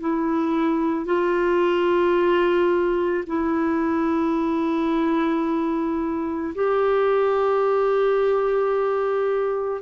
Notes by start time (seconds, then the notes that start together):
0.00 E4
1.06 F4
3.26 E4
6.55 G4